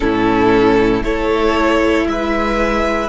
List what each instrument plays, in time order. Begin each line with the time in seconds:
0.00 cello A2, viola C#4, violin E4 A4
1.02 cello A3, viola E4, violin A4 C#5
2.06 cello G#3, violin B4 E5